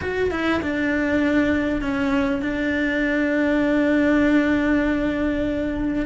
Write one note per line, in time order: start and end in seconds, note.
0.01 0.31 F#4
0.31 0.61 E4
0.61 1.81 D4
1.81 2.42 C#4
2.42 6.05 D4